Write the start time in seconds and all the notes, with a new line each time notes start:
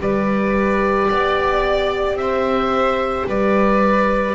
0.00 G3 G4 B4 D5
1.09 B3 D5
2.15 C4 C5 E5
3.28 G3 B4 D5